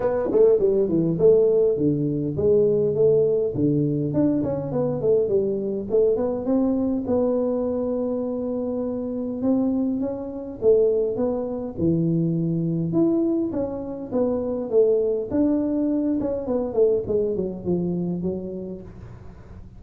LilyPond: \new Staff \with { instrumentName = "tuba" } { \time 4/4 \tempo 4 = 102 b8 a8 g8 e8 a4 d4 | gis4 a4 d4 d'8 cis'8 | b8 a8 g4 a8 b8 c'4 | b1 |
c'4 cis'4 a4 b4 | e2 e'4 cis'4 | b4 a4 d'4. cis'8 | b8 a8 gis8 fis8 f4 fis4 | }